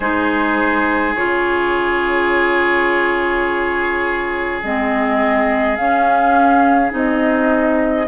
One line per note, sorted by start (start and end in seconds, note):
0.00 1.15 G#3
0.00 1.16 D#4
0.00 8.06 G#4
0.00 1.14 C5
1.15 4.62 C#3
1.15 4.62 F4
1.15 4.61 C#5
4.62 5.77 G#3
4.62 5.78 C4
4.62 5.75 D#5
5.75 6.92 C#4
5.75 6.90 C#4
5.75 6.91 F5
6.90 8.07 C4
6.90 8.06 D#4
6.90 8.07 D#5